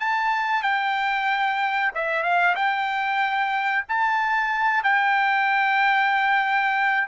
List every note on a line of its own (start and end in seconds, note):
0.00 0.63 A5
0.63 1.92 G5
1.95 2.23 E5
2.23 2.55 F5
2.56 3.85 G5
3.89 4.83 A5
4.83 7.08 G5